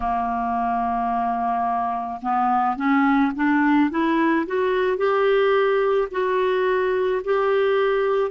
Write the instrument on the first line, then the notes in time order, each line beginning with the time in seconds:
clarinet
0.00 A#3
2.22 B3
2.76 C#4
3.35 D4
3.90 E4
4.46 F#4
4.97 G4
6.11 F#4
7.24 G4